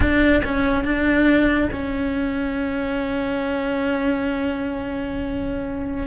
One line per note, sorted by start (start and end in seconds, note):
0.00 0.42 D4
0.44 0.84 C#4
0.84 1.69 D4
1.72 6.06 C#4